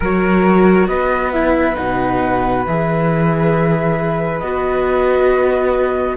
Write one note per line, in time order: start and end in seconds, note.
0.00 0.87 F#3
0.00 1.33 F#4
0.00 0.87 A#4
0.00 0.87 C#5
0.87 1.75 B3
0.87 6.16 B4
0.87 1.31 D#5
1.31 1.74 E4
1.31 1.76 E5
1.74 2.66 B2
1.74 2.62 D#4
1.74 2.65 F#5
2.66 4.41 E3
2.66 4.42 G#4
2.66 4.39 E5
4.39 6.16 B3
4.39 6.16 F#4
4.39 6.15 D#5